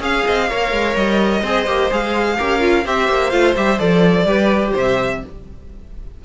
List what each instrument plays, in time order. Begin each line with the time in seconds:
0.00 cello C#4, viola G#4, violin F5
0.27 cello C4, violin D#5
0.50 cello A#3, viola A#4, violin C#5
0.72 cello G#3
0.96 cello G3, violin D#5
1.42 cello C4, viola G#4, violin C5
1.67 cello A#3, viola G4
1.91 cello G#3, viola G#4, violin F5
2.38 cello C#4, viola G4, violin A#4
2.60 viola F4
2.85 cello C4, viola G4, violin C5 E5
3.09 cello A#3
3.31 cello A3, viola F4, violin F5
3.57 cello G3, viola G4, violin E5
3.79 cello F3, viola A4, violin D5
4.25 cello G3, viola G4, violin B4
4.73 cello C3, violin C5 E5